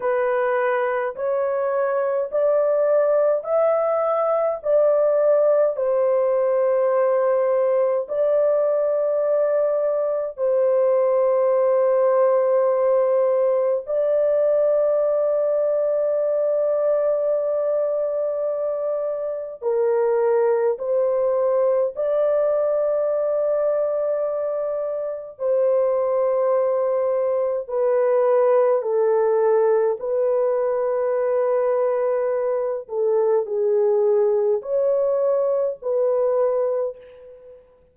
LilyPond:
\new Staff \with { instrumentName = "horn" } { \time 4/4 \tempo 4 = 52 b'4 cis''4 d''4 e''4 | d''4 c''2 d''4~ | d''4 c''2. | d''1~ |
d''4 ais'4 c''4 d''4~ | d''2 c''2 | b'4 a'4 b'2~ | b'8 a'8 gis'4 cis''4 b'4 | }